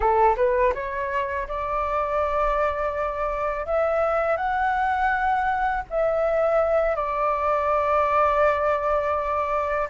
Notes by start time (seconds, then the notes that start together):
0.00 A4
0.36 B4
0.74 C#5
1.48 D5
3.66 E5
4.37 F#5
5.89 E5
6.95 D5